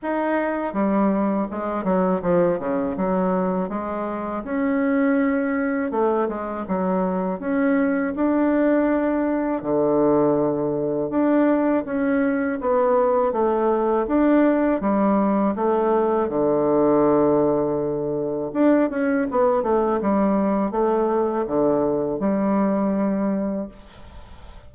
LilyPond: \new Staff \with { instrumentName = "bassoon" } { \time 4/4 \tempo 4 = 81 dis'4 g4 gis8 fis8 f8 cis8 | fis4 gis4 cis'2 | a8 gis8 fis4 cis'4 d'4~ | d'4 d2 d'4 |
cis'4 b4 a4 d'4 | g4 a4 d2~ | d4 d'8 cis'8 b8 a8 g4 | a4 d4 g2 | }